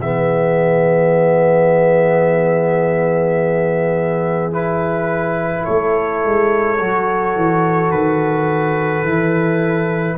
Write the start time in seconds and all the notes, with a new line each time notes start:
0.00 E3 B3 G#4 E5
4.52 E4 B4
5.64 A3 A4 C#5
6.25 G#3
6.79 F#3 F#4
7.36 E3
7.91 D#3 B4
9.04 E3 E4